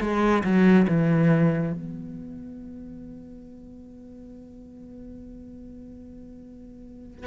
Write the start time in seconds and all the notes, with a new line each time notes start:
0.00 G#3
0.44 F#3
0.88 E3
1.73 B3